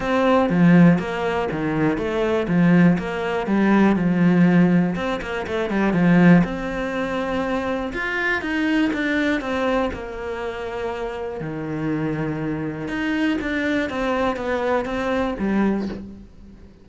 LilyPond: \new Staff \with { instrumentName = "cello" } { \time 4/4 \tempo 4 = 121 c'4 f4 ais4 dis4 | a4 f4 ais4 g4 | f2 c'8 ais8 a8 g8 | f4 c'2. |
f'4 dis'4 d'4 c'4 | ais2. dis4~ | dis2 dis'4 d'4 | c'4 b4 c'4 g4 | }